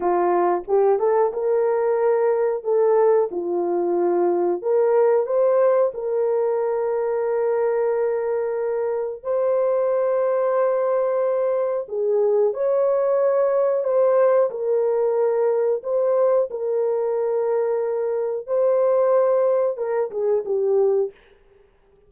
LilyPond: \new Staff \with { instrumentName = "horn" } { \time 4/4 \tempo 4 = 91 f'4 g'8 a'8 ais'2 | a'4 f'2 ais'4 | c''4 ais'2.~ | ais'2 c''2~ |
c''2 gis'4 cis''4~ | cis''4 c''4 ais'2 | c''4 ais'2. | c''2 ais'8 gis'8 g'4 | }